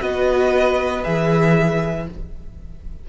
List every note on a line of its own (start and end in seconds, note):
0.00 1.04 B3
0.00 1.03 F#4
0.00 2.05 B4
0.00 1.04 D#5
1.03 2.09 E3
1.03 2.05 G#4
1.03 2.07 E5